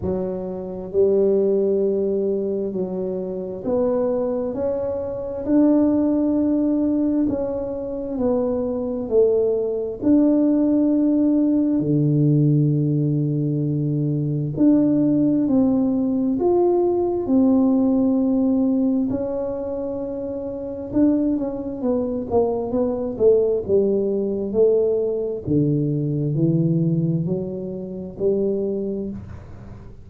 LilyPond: \new Staff \with { instrumentName = "tuba" } { \time 4/4 \tempo 4 = 66 fis4 g2 fis4 | b4 cis'4 d'2 | cis'4 b4 a4 d'4~ | d'4 d2. |
d'4 c'4 f'4 c'4~ | c'4 cis'2 d'8 cis'8 | b8 ais8 b8 a8 g4 a4 | d4 e4 fis4 g4 | }